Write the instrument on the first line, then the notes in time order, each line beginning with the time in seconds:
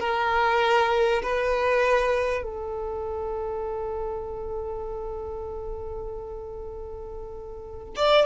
violin
0.00 A#4
1.23 B4
2.43 A4
7.96 D5